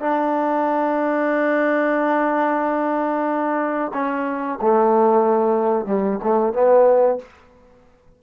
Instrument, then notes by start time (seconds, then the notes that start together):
trombone
0.00 D4
3.93 C#4
4.61 A3
5.85 G3
6.23 A3
6.53 B3